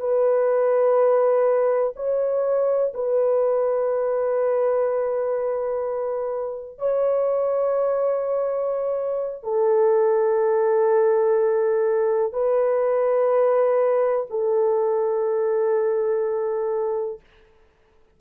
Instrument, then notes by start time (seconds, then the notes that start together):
horn
0.00 B4
1.96 C#5
2.94 B4
6.79 C#5
9.44 A4
12.33 B4
14.30 A4